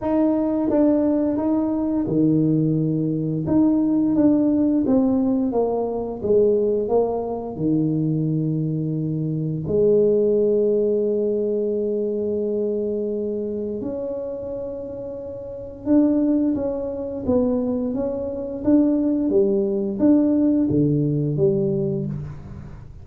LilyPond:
\new Staff \with { instrumentName = "tuba" } { \time 4/4 \tempo 4 = 87 dis'4 d'4 dis'4 dis4~ | dis4 dis'4 d'4 c'4 | ais4 gis4 ais4 dis4~ | dis2 gis2~ |
gis1 | cis'2. d'4 | cis'4 b4 cis'4 d'4 | g4 d'4 d4 g4 | }